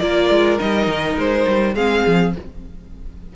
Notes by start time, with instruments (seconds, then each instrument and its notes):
0.00 cello A#3, viola F4, violin A#4 D5
0.30 cello G#3
0.58 cello G3, viola D#4, violin D#5
0.87 cello D#3
1.17 cello G#3, violin C5
1.47 cello G3
1.74 cello G#3, viola C4, violin G#4 F5
2.06 cello F3